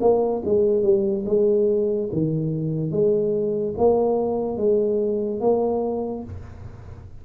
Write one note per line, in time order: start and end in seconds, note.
0.00 0.42 A#3
0.44 0.83 G#3
0.83 1.24 G3
1.25 2.09 G#3
2.12 2.91 D#3
2.91 3.74 G#3
3.77 4.56 A#3
4.56 5.40 G#3
5.40 6.23 A#3